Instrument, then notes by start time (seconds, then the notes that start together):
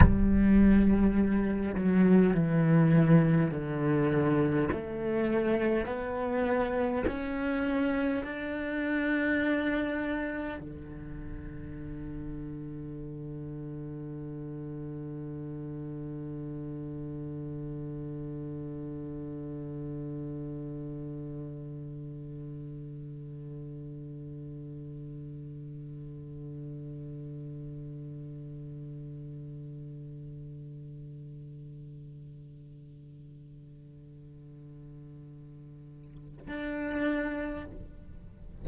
cello
0.00 G3
1.75 F#3
2.33 E3
3.51 D3
4.71 A3
5.86 B3
7.06 C#4
8.24 D4
10.59 D3
36.47 D4